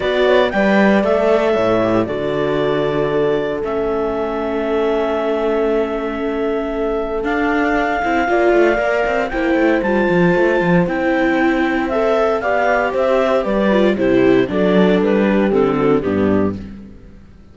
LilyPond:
<<
  \new Staff \with { instrumentName = "clarinet" } { \time 4/4 \tempo 4 = 116 d''4 g''4 e''2 | d''2. e''4~ | e''1~ | e''2 f''2~ |
f''2 g''4 a''4~ | a''4 g''2 e''4 | f''4 e''4 d''4 c''4 | d''4 b'4 a'4 g'4 | }
  \new Staff \with { instrumentName = "horn" } { \time 4/4 b'8 cis''8 d''2 cis''4 | a'1~ | a'1~ | a'1 |
d''2 c''2~ | c''1 | d''4 c''4 b'4 g'4 | a'4. g'4 fis'8 d'4 | }
  \new Staff \with { instrumentName = "viola" } { \time 4/4 fis'4 b'4 a'4. g'8 | fis'2. cis'4~ | cis'1~ | cis'2 d'4. e'8 |
f'4 ais'4 e'4 f'4~ | f'4 e'2 a'4 | g'2~ g'8 f'8 e'4 | d'2 c'4 b4 | }
  \new Staff \with { instrumentName = "cello" } { \time 4/4 b4 g4 a4 a,4 | d2. a4~ | a1~ | a2 d'4. c'8 |
ais8 a8 ais8 c'8 ais8 a8 g8 f8 | a8 f8 c'2. | b4 c'4 g4 c4 | fis4 g4 d4 g,4 | }
>>